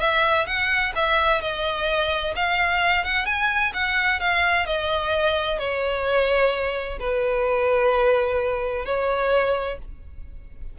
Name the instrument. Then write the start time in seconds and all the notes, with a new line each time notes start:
violin
0.00 E5
0.47 F#5
0.95 E5
1.41 D#5
2.36 F5
3.05 F#5
3.26 G#5
3.74 F#5
4.20 F5
4.66 D#5
5.59 C#5
7.00 B4
8.85 C#5